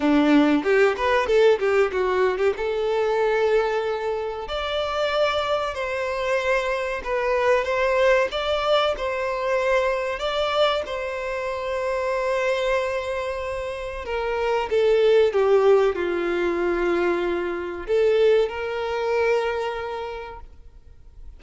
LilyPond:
\new Staff \with { instrumentName = "violin" } { \time 4/4 \tempo 4 = 94 d'4 g'8 b'8 a'8 g'8 fis'8. g'16 | a'2. d''4~ | d''4 c''2 b'4 | c''4 d''4 c''2 |
d''4 c''2.~ | c''2 ais'4 a'4 | g'4 f'2. | a'4 ais'2. | }